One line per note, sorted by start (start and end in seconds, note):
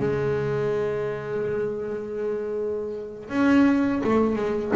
0.00 3.29 G#3
3.29 4.02 C#4
4.04 4.36 A3
4.36 4.72 G#3